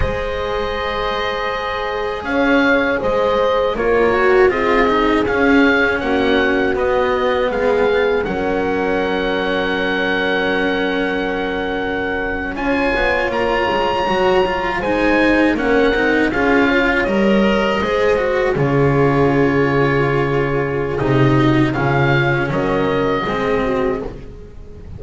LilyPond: <<
  \new Staff \with { instrumentName = "oboe" } { \time 4/4 \tempo 4 = 80 dis''2. f''4 | dis''4 cis''4 dis''4 f''4 | fis''4 dis''4 f''4 fis''4~ | fis''1~ |
fis''8. gis''4 ais''2 gis''16~ | gis''8. fis''4 f''4 dis''4~ dis''16~ | dis''8. cis''2.~ cis''16 | dis''4 f''4 dis''2 | }
  \new Staff \with { instrumentName = "horn" } { \time 4/4 c''2. cis''4 | c''4 ais'4 gis'2 | fis'2 gis'4 ais'4~ | ais'1~ |
ais'8. cis''2. c''16~ | c''8. ais'4 gis'8 cis''4. c''16~ | c''8. gis'2.~ gis'16~ | gis'8 fis'8 f'4 ais'4 gis'8 fis'8 | }
  \new Staff \with { instrumentName = "cello" } { \time 4/4 gis'1~ | gis'4 f'8 fis'8 f'8 dis'8 cis'4~ | cis'4 b2 cis'4~ | cis'1~ |
cis'8. f'2 fis'8 f'8 dis'16~ | dis'8. cis'8 dis'8 f'4 ais'4 gis'16~ | gis'16 fis'8 f'2.~ f'16 | dis'4 cis'2 c'4 | }
  \new Staff \with { instrumentName = "double bass" } { \time 4/4 gis2. cis'4 | gis4 ais4 c'4 cis'4 | ais4 b4 gis4 fis4~ | fis1~ |
fis8. cis'8 b8 ais8 gis8 fis4 gis16~ | gis8. ais8 c'8 cis'4 g4 gis16~ | gis8. cis2.~ cis16 | c4 cis4 fis4 gis4 | }
>>